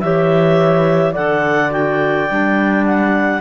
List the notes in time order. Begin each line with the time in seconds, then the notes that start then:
0.00 E3 G4 C#5 E5
1.12 D3 A4 D5 F#5
1.70 F#4 G5
2.30 G3 D4
2.86 F#5